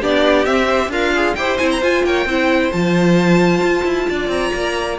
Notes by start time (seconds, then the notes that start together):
0.00 B3 D4 G4 D5
0.45 C4 E5
0.67 C5
0.88 D4 F4 A#4 F5
1.14 G#4
1.35 E4 G4 C5 G5
1.58 C4 E4 G#5
1.71 A#5
1.82 F4 G#5
2.04 A#3 C#5 G5
2.25 C4 E4 C5
2.72 F3 F4 A5
3.60 F4
3.84 E4
4.09 D4 D5
4.28 C4 A#5
4.54 A#3